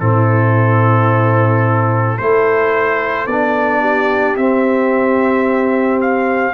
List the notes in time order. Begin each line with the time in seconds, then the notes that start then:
0.00 A2 C4 E4 A4
2.18 A3 E4 A4 C5
3.27 B3 D4 D5
3.81 G4
4.36 C4 E5
6.01 F5